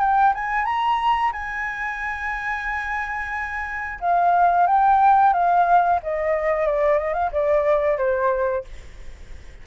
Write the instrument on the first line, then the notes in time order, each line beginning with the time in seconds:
flute
0.00 G5
0.34 G#5
0.65 A#5
1.32 G#5
4.01 F5
4.67 G5
5.33 F5
6.03 D#5
6.66 D5
6.98 D#5
7.14 F5
7.32 D5
7.98 C5